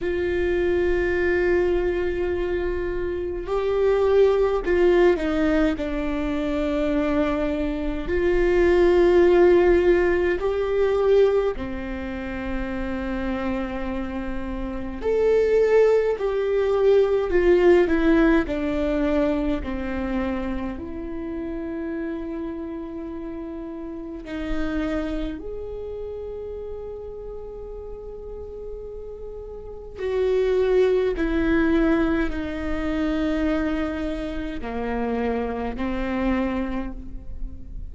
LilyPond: \new Staff \with { instrumentName = "viola" } { \time 4/4 \tempo 4 = 52 f'2. g'4 | f'8 dis'8 d'2 f'4~ | f'4 g'4 c'2~ | c'4 a'4 g'4 f'8 e'8 |
d'4 c'4 e'2~ | e'4 dis'4 gis'2~ | gis'2 fis'4 e'4 | dis'2 ais4 c'4 | }